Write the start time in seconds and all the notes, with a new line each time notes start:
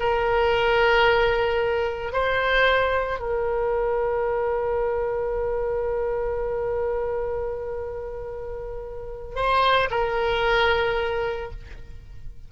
0.00 A#4
2.13 C5
3.20 A#4
9.36 C5
9.91 A#4